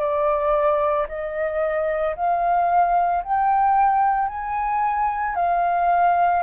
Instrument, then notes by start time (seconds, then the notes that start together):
flute
0.00 D5
1.08 D#5
2.16 F5
3.24 G5
4.29 G#5
5.36 F5